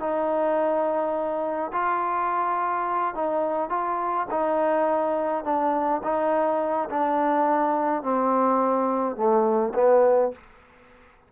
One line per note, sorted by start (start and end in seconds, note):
0.00 1.72 D#4
1.73 3.15 F4
3.15 3.70 D#4
3.70 4.27 F4
4.31 5.44 D#4
5.44 6.02 D4
6.03 6.89 D#4
6.90 8.03 D4
8.03 9.16 C4
9.16 9.73 A3
9.75 10.32 B3